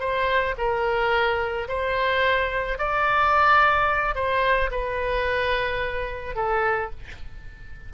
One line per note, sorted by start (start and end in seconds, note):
0.00 0.55 C5
0.58 1.68 A#4
1.68 2.78 C5
2.78 4.15 D5
4.15 4.70 C5
4.71 6.36 B4
6.36 6.91 A4